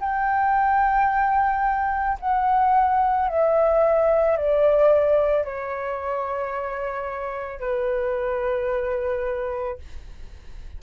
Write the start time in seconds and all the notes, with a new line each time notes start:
0.00 G5
2.20 F#5
3.28 E5
4.37 D5
5.44 C#5
7.60 B4